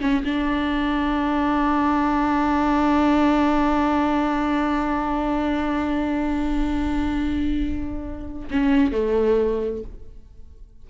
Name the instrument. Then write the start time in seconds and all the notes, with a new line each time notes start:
viola
0.00 C#4
0.24 D4
8.50 C#4
8.91 A3